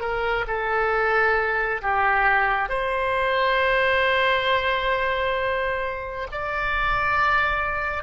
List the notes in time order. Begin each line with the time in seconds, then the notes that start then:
0.00 A#4
0.47 A4
1.82 G4
2.69 C5
6.32 D5